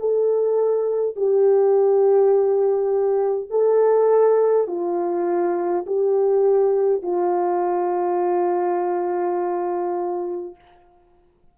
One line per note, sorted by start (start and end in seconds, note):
0.00 1.16 A4
1.16 3.50 G4
3.50 4.67 A4
4.67 5.85 F4
5.87 7.03 G4
7.03 10.56 F4